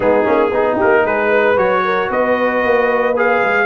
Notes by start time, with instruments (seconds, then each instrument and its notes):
0.00 tuba G#3, trombone B3, horn D#4, trumpet G#4
0.24 tuba A#3, trombone C#4
0.51 tuba B3, trombone D#4, horn G#4
0.76 horn G4, trumpet A#4
0.82 tuba A#3
1.05 tuba G#3, horn G#4, trumpet B4
1.28 horn B4
1.56 tuba F#3, trombone F#4, trumpet C#5
1.84 horn A#4
2.09 tuba B3, horn B4, trumpet D#5
2.62 tuba A#3
3.16 trombone G#4, trumpet F5
3.43 tuba G#3